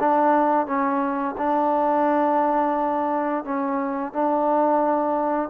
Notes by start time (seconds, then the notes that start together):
0.00 D4
0.66 C#4
1.38 D4
3.45 C#4
4.13 D4